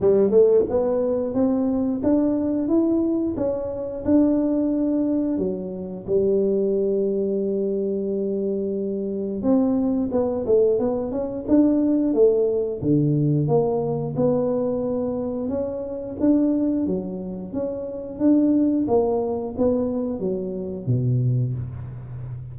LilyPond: \new Staff \with { instrumentName = "tuba" } { \time 4/4 \tempo 4 = 89 g8 a8 b4 c'4 d'4 | e'4 cis'4 d'2 | fis4 g2.~ | g2 c'4 b8 a8 |
b8 cis'8 d'4 a4 d4 | ais4 b2 cis'4 | d'4 fis4 cis'4 d'4 | ais4 b4 fis4 b,4 | }